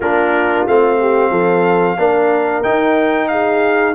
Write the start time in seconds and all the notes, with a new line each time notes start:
0.00 A#3 D4 F4 A#4
0.67 A3 C4 F5
0.99 G4
1.30 F3 A4
1.97 A#3 D4 A#4
2.63 D#4 G5
3.28 G#4 F5